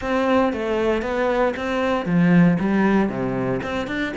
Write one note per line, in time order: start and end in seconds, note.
0.01 0.52 C4
0.52 1.01 A3
1.01 1.53 B3
1.56 2.05 C4
2.05 2.57 F3
2.59 3.09 G3
3.09 3.60 C3
3.62 3.87 C4
3.87 4.13 D4